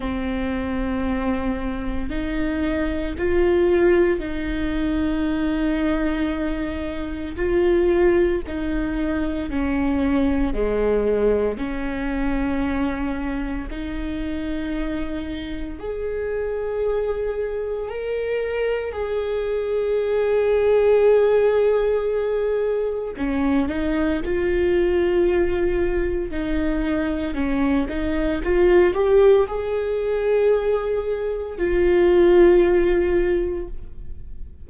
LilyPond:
\new Staff \with { instrumentName = "viola" } { \time 4/4 \tempo 4 = 57 c'2 dis'4 f'4 | dis'2. f'4 | dis'4 cis'4 gis4 cis'4~ | cis'4 dis'2 gis'4~ |
gis'4 ais'4 gis'2~ | gis'2 cis'8 dis'8 f'4~ | f'4 dis'4 cis'8 dis'8 f'8 g'8 | gis'2 f'2 | }